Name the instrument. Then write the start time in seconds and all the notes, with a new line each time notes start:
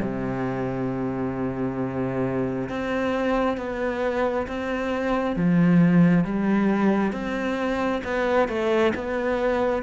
cello
0.00 C3
2.69 C4
3.57 B3
4.47 C4
5.36 F3
6.24 G3
7.12 C4
8.04 B3
8.48 A3
8.95 B3